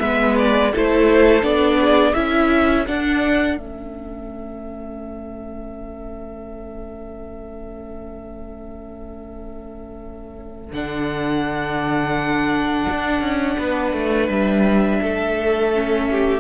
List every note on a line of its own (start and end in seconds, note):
0.00 0.73 G#3
0.00 0.72 B3
0.00 0.72 B4
0.00 0.36 E5
0.38 0.73 D5
0.72 1.43 A3
0.72 1.43 E4
0.72 1.79 A4
0.72 1.44 C5
1.43 2.14 B3
1.43 2.14 D4
1.43 2.14 D5
1.81 2.15 G#4
2.14 2.87 C#4
2.14 2.86 E4
2.14 13.58 A4
2.14 2.85 E5
2.87 3.58 D4
2.87 3.56 D4
2.87 3.58 F#5
3.56 10.70 A3
3.56 10.72 C#4
3.56 10.73 E5
10.72 12.87 D3
10.72 15.74 D4
10.72 14.30 F#5
12.90 13.21 D4
13.21 13.56 C#4
13.58 13.93 B3
13.58 15.01 B4
13.93 14.29 A3
14.29 15.00 G3
14.29 16.40 E5
15.03 16.40 A3
15.03 16.10 A4
15.74 16.40 C#4
16.11 16.40 G4